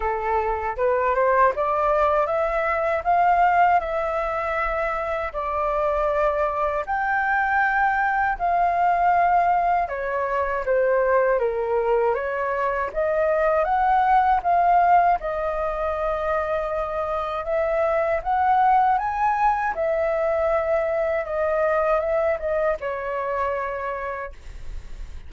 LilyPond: \new Staff \with { instrumentName = "flute" } { \time 4/4 \tempo 4 = 79 a'4 b'8 c''8 d''4 e''4 | f''4 e''2 d''4~ | d''4 g''2 f''4~ | f''4 cis''4 c''4 ais'4 |
cis''4 dis''4 fis''4 f''4 | dis''2. e''4 | fis''4 gis''4 e''2 | dis''4 e''8 dis''8 cis''2 | }